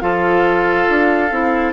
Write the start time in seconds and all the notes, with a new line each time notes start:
0.00 F3 F4 A4 F5
0.89 D4
1.31 C4 E4